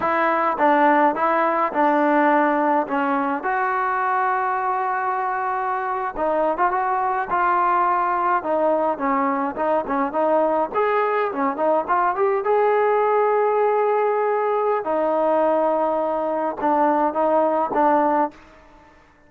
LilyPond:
\new Staff \with { instrumentName = "trombone" } { \time 4/4 \tempo 4 = 105 e'4 d'4 e'4 d'4~ | d'4 cis'4 fis'2~ | fis'2~ fis'8. dis'8. f'16 fis'16~ | fis'8. f'2 dis'4 cis'16~ |
cis'8. dis'8 cis'8 dis'4 gis'4 cis'16~ | cis'16 dis'8 f'8 g'8 gis'2~ gis'16~ | gis'2 dis'2~ | dis'4 d'4 dis'4 d'4 | }